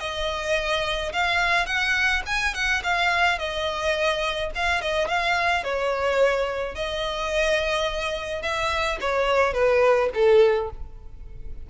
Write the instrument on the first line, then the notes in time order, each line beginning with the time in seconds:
violin
0.00 D#5
1.13 F5
1.66 F#5
2.26 G#5
2.55 F#5
2.83 F5
3.39 D#5
4.55 F5
4.82 D#5
5.08 F5
5.64 C#5
6.75 D#5
8.42 E5
9.01 C#5
9.54 B4
10.14 A4